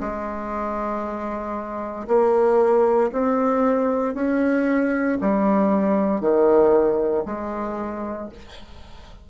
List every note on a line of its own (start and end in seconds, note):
0.00 2.07 G#3
2.07 3.10 A#3
3.12 4.14 C4
4.14 5.18 C#4
5.21 6.20 G3
6.20 7.24 D#3
7.26 8.29 G#3